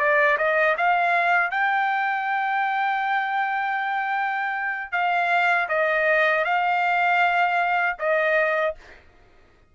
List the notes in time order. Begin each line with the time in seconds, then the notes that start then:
0.00 D5
0.38 D#5
0.78 F5
1.51 G5
4.92 F5
5.69 D#5
6.45 F5
7.99 D#5